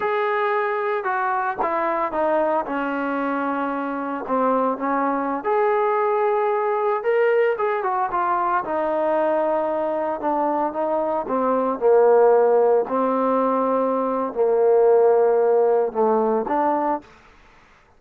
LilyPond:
\new Staff \with { instrumentName = "trombone" } { \time 4/4 \tempo 4 = 113 gis'2 fis'4 e'4 | dis'4 cis'2. | c'4 cis'4~ cis'16 gis'4.~ gis'16~ | gis'4~ gis'16 ais'4 gis'8 fis'8 f'8.~ |
f'16 dis'2. d'8.~ | d'16 dis'4 c'4 ais4.~ ais16~ | ais16 c'2~ c'8. ais4~ | ais2 a4 d'4 | }